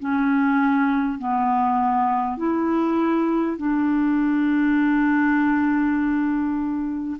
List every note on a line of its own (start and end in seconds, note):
0.00 1.19 C#4
1.19 2.38 B3
2.38 3.58 E4
3.58 7.18 D4